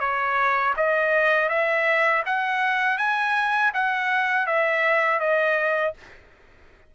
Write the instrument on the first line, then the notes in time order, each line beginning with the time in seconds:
trumpet
0.00 C#5
0.77 D#5
1.49 E5
2.26 F#5
2.98 G#5
3.74 F#5
4.47 E5
5.20 D#5